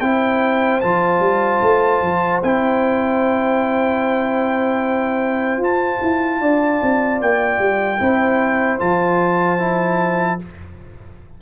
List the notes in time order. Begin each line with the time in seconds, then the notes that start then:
0.00 C4 E4 C5 G5
0.80 F3 F4 A5
1.19 G3
1.62 A3
2.01 F3
2.43 C4 E4 G5
5.57 F4
5.63 A5
6.01 E4
6.40 D4 D5
6.82 C4
7.21 A#3 G5
7.58 G3
7.99 C4 E4 C5
8.78 F3 F4 A5
9.58 E4